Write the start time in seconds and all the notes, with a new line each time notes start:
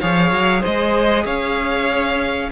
0.00 F3 G#4 C#5 F5
0.31 F#3
0.61 G#3 C5 D#5
1.25 C#4 C#5 F5